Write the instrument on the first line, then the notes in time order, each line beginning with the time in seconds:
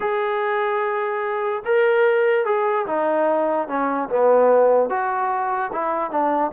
trombone
0.00 G#4
1.65 A#4
2.45 G#4
2.86 D#4
3.67 C#4
4.09 B3
4.89 F#4
5.72 E4
6.11 D4